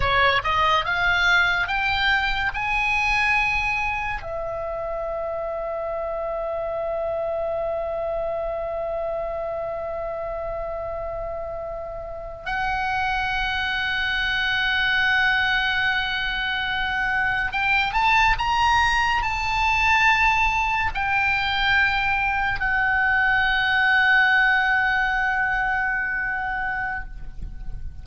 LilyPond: \new Staff \with { instrumentName = "oboe" } { \time 4/4 \tempo 4 = 71 cis''8 dis''8 f''4 g''4 gis''4~ | gis''4 e''2.~ | e''1~ | e''2~ e''8. fis''4~ fis''16~ |
fis''1~ | fis''8. g''8 a''8 ais''4 a''4~ a''16~ | a''8. g''2 fis''4~ fis''16~ | fis''1 | }